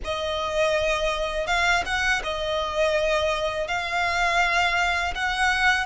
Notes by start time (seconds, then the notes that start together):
0.04 D#5
1.46 F5
1.85 F#5
2.23 D#5
3.68 F5
5.14 F#5